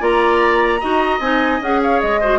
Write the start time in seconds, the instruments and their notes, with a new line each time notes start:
0.00 bassoon A#3, clarinet F4, oboe D5, flute A#5
0.80 bassoon D#4, clarinet F#4, oboe D#5
1.20 bassoon C4, clarinet D#4, flute G#5
1.61 bassoon C#4, clarinet G#4, flute F#5
1.83 oboe C#5, flute F5
2.01 bassoon G#3, flute D#5
2.21 clarinet F#4, oboe C5